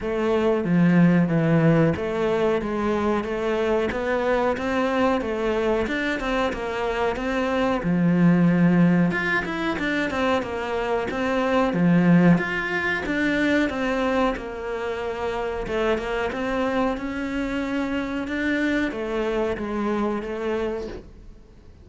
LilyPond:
\new Staff \with { instrumentName = "cello" } { \time 4/4 \tempo 4 = 92 a4 f4 e4 a4 | gis4 a4 b4 c'4 | a4 d'8 c'8 ais4 c'4 | f2 f'8 e'8 d'8 c'8 |
ais4 c'4 f4 f'4 | d'4 c'4 ais2 | a8 ais8 c'4 cis'2 | d'4 a4 gis4 a4 | }